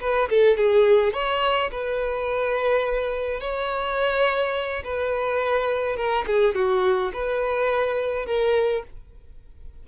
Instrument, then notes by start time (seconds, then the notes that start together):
violin
0.00 B4
0.29 A4
0.57 G#4
1.13 C#5
1.71 B4
3.40 C#5
4.84 B4
5.96 A#4
6.26 G#4
6.55 F#4
7.13 B4
8.26 A#4